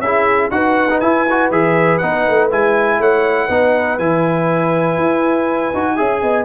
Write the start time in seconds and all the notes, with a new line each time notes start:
0.00 C#4 E4 G#4 E5
0.51 D#4 F#4 B4 F#5
0.90 D#4
1.00 E4 G#5
1.30 F#4
1.51 E3 G#4 E5
1.98 B3 D#4 F#5
2.28 A3
2.51 G#3 E4 G#5
2.99 A3 C#5 F#5
3.46 B3 D#4 B4
3.99 E3 E4 G#5
4.97 E4
5.74 D#4 F#4
5.96 C#4 G#4 E5
6.22 B3 D#5